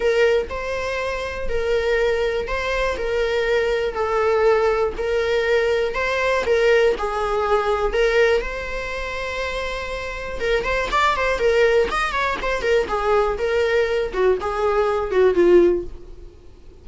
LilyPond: \new Staff \with { instrumentName = "viola" } { \time 4/4 \tempo 4 = 121 ais'4 c''2 ais'4~ | ais'4 c''4 ais'2 | a'2 ais'2 | c''4 ais'4 gis'2 |
ais'4 c''2.~ | c''4 ais'8 c''8 d''8 c''8 ais'4 | dis''8 cis''8 c''8 ais'8 gis'4 ais'4~ | ais'8 fis'8 gis'4. fis'8 f'4 | }